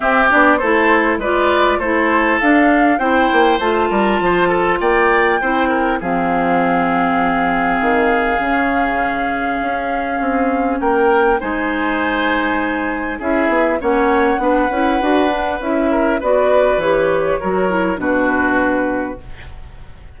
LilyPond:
<<
  \new Staff \with { instrumentName = "flute" } { \time 4/4 \tempo 4 = 100 e''8 d''8 c''4 d''4 c''4 | f''4 g''4 a''2 | g''2 f''2~ | f''1~ |
f''2 g''4 gis''4~ | gis''2 e''4 fis''4~ | fis''2 e''4 d''4 | cis''2 b'2 | }
  \new Staff \with { instrumentName = "oboe" } { \time 4/4 g'4 a'4 b'4 a'4~ | a'4 c''4. ais'8 c''8 a'8 | d''4 c''8 ais'8 gis'2~ | gis'1~ |
gis'2 ais'4 c''4~ | c''2 gis'4 cis''4 | b'2~ b'8 ais'8 b'4~ | b'4 ais'4 fis'2 | }
  \new Staff \with { instrumentName = "clarinet" } { \time 4/4 c'8 d'8 e'4 f'4 e'4 | d'4 e'4 f'2~ | f'4 e'4 c'2~ | c'2 cis'2~ |
cis'2. dis'4~ | dis'2 e'4 cis'4 | d'8 e'8 fis'8 d'8 e'4 fis'4 | g'4 fis'8 e'8 d'2 | }
  \new Staff \with { instrumentName = "bassoon" } { \time 4/4 c'8 b8 a4 gis4 a4 | d'4 c'8 ais8 a8 g8 f4 | ais4 c'4 f2~ | f4 dis4 cis2 |
cis'4 c'4 ais4 gis4~ | gis2 cis'8 b8 ais4 | b8 cis'8 d'4 cis'4 b4 | e4 fis4 b,2 | }
>>